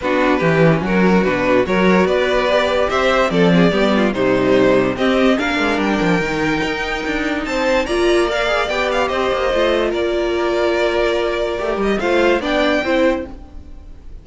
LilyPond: <<
  \new Staff \with { instrumentName = "violin" } { \time 4/4 \tempo 4 = 145 b'2 ais'4 b'4 | cis''4 d''2 e''4 | d''2 c''2 | dis''4 f''4 g''2~ |
g''2 a''4 ais''4 | f''4 g''8 f''8 dis''2 | d''1~ | d''8 dis''8 f''4 g''2 | }
  \new Staff \with { instrumentName = "violin" } { \time 4/4 fis'4 g'4 fis'2 | ais'4 b'2 c''4 | a'8 gis'8 g'8 f'8 dis'2 | g'4 ais'2.~ |
ais'2 c''4 d''4~ | d''2 c''2 | ais'1~ | ais'4 c''4 d''4 c''4 | }
  \new Staff \with { instrumentName = "viola" } { \time 4/4 d'4 cis'2 d'4 | fis'2 g'2 | c'4 b4 g2 | c'4 d'2 dis'4~ |
dis'2. f'4 | ais'8 gis'8 g'2 f'4~ | f'1 | g'4 f'4 d'4 e'4 | }
  \new Staff \with { instrumentName = "cello" } { \time 4/4 b4 e4 fis4 b,4 | fis4 b2 c'4 | f4 g4 c2 | c'4 ais8 gis8 g8 f8 dis4 |
dis'4 d'4 c'4 ais4~ | ais4 b4 c'8 ais8 a4 | ais1 | a8 g8 a4 b4 c'4 | }
>>